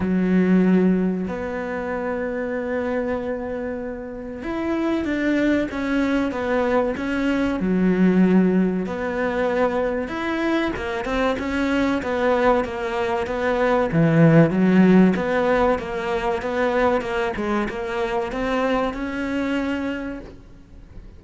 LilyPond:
\new Staff \with { instrumentName = "cello" } { \time 4/4 \tempo 4 = 95 fis2 b2~ | b2. e'4 | d'4 cis'4 b4 cis'4 | fis2 b2 |
e'4 ais8 c'8 cis'4 b4 | ais4 b4 e4 fis4 | b4 ais4 b4 ais8 gis8 | ais4 c'4 cis'2 | }